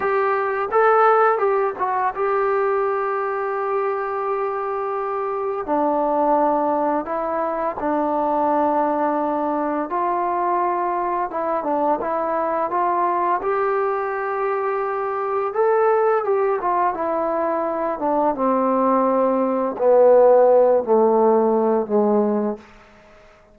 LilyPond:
\new Staff \with { instrumentName = "trombone" } { \time 4/4 \tempo 4 = 85 g'4 a'4 g'8 fis'8 g'4~ | g'1 | d'2 e'4 d'4~ | d'2 f'2 |
e'8 d'8 e'4 f'4 g'4~ | g'2 a'4 g'8 f'8 | e'4. d'8 c'2 | b4. a4. gis4 | }